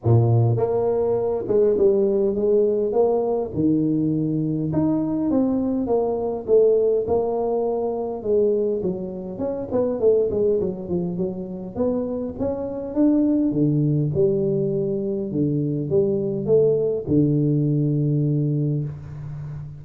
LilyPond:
\new Staff \with { instrumentName = "tuba" } { \time 4/4 \tempo 4 = 102 ais,4 ais4. gis8 g4 | gis4 ais4 dis2 | dis'4 c'4 ais4 a4 | ais2 gis4 fis4 |
cis'8 b8 a8 gis8 fis8 f8 fis4 | b4 cis'4 d'4 d4 | g2 d4 g4 | a4 d2. | }